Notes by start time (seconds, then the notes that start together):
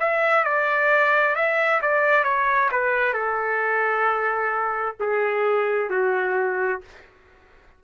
0.00 E5
0.45 D5
1.36 E5
1.82 D5
2.24 C#5
2.72 B4
3.14 A4
5.00 G#4
5.90 F#4